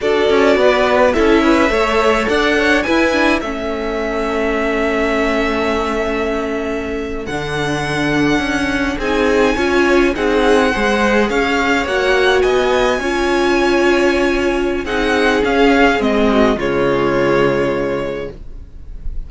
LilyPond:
<<
  \new Staff \with { instrumentName = "violin" } { \time 4/4 \tempo 4 = 105 d''2 e''2 | fis''4 gis''4 e''2~ | e''1~ | e''8. fis''2. gis''16~ |
gis''4.~ gis''16 fis''2 f''16~ | f''8. fis''4 gis''2~ gis''16~ | gis''2 fis''4 f''4 | dis''4 cis''2. | }
  \new Staff \with { instrumentName = "violin" } { \time 4/4 a'4 b'4 a'8 b'8 cis''4 | d''8 cis''8 b'4 a'2~ | a'1~ | a'2.~ a'8. gis'16~ |
gis'8. cis''4 gis'4 c''4 cis''16~ | cis''4.~ cis''16 dis''4 cis''4~ cis''16~ | cis''2 gis'2~ | gis'8 fis'8 f'2. | }
  \new Staff \with { instrumentName = "viola" } { \time 4/4 fis'2 e'4 a'4~ | a'4 e'8 d'8 cis'2~ | cis'1~ | cis'8. d'2. dis'16~ |
dis'8. f'4 dis'4 gis'4~ gis'16~ | gis'8. fis'2 f'4~ f'16~ | f'2 dis'4 cis'4 | c'4 gis2. | }
  \new Staff \with { instrumentName = "cello" } { \time 4/4 d'8 cis'8 b4 cis'4 a4 | d'4 e'4 a2~ | a1~ | a8. d2 cis'4 c'16~ |
c'8. cis'4 c'4 gis4 cis'16~ | cis'8. ais4 b4 cis'4~ cis'16~ | cis'2 c'4 cis'4 | gis4 cis2. | }
>>